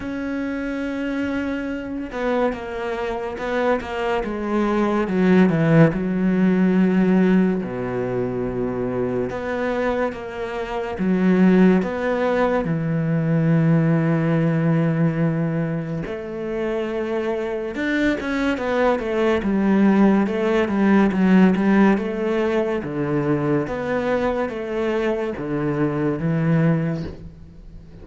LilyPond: \new Staff \with { instrumentName = "cello" } { \time 4/4 \tempo 4 = 71 cis'2~ cis'8 b8 ais4 | b8 ais8 gis4 fis8 e8 fis4~ | fis4 b,2 b4 | ais4 fis4 b4 e4~ |
e2. a4~ | a4 d'8 cis'8 b8 a8 g4 | a8 g8 fis8 g8 a4 d4 | b4 a4 d4 e4 | }